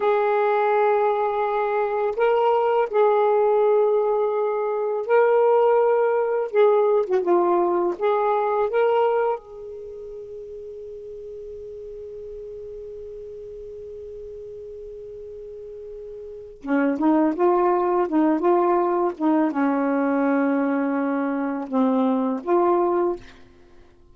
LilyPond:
\new Staff \with { instrumentName = "saxophone" } { \time 4/4 \tempo 4 = 83 gis'2. ais'4 | gis'2. ais'4~ | ais'4 gis'8. fis'16 f'4 gis'4 | ais'4 gis'2.~ |
gis'1~ | gis'2. cis'8 dis'8 | f'4 dis'8 f'4 dis'8 cis'4~ | cis'2 c'4 f'4 | }